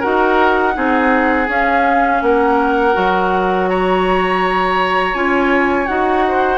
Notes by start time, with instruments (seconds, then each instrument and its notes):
0.00 bassoon D#4, clarinet F#4, oboe A#4, flute F#5
0.74 bassoon C4, clarinet D#4, oboe G#4
1.48 bassoon C#4, clarinet C#4, flute F5
2.22 bassoon A#3, oboe A#4, flute F#5
2.93 bassoon F#3, clarinet F#4
3.69 oboe C#5, flute A#5
5.14 bassoon C#4, clarinet F4, flute G#5
5.86 bassoon D#4, clarinet F#4, flute F#5
6.28 oboe C5